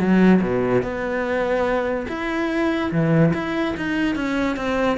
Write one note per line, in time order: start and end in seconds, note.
0.00 0.41 F#3
0.42 0.83 B2
0.83 2.07 B3
2.09 2.92 E4
2.92 3.34 E3
3.34 3.75 E4
3.77 4.16 D#4
4.16 4.57 C#4
4.57 4.98 C4